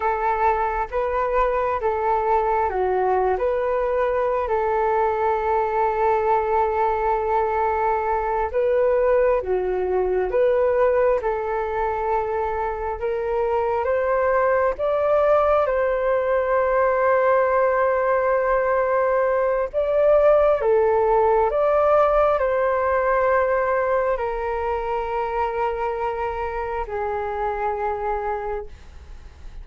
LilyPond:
\new Staff \with { instrumentName = "flute" } { \time 4/4 \tempo 4 = 67 a'4 b'4 a'4 fis'8. b'16~ | b'4 a'2.~ | a'4. b'4 fis'4 b'8~ | b'8 a'2 ais'4 c''8~ |
c''8 d''4 c''2~ c''8~ | c''2 d''4 a'4 | d''4 c''2 ais'4~ | ais'2 gis'2 | }